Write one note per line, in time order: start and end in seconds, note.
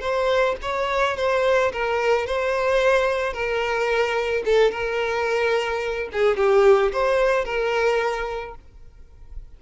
0.00 0.55 C5
0.62 1.17 C#5
1.17 1.72 C5
1.72 2.26 A#4
2.26 3.33 C5
3.33 4.43 A#4
4.45 4.71 A4
4.71 6.09 A#4
6.12 6.36 G#4
6.36 6.91 G4
6.92 7.45 C5
7.45 8.55 A#4